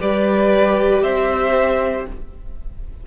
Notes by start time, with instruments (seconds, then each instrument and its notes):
0.00 cello G3, viola G4, violin B4 D5
1.03 cello C4, violin C5 E5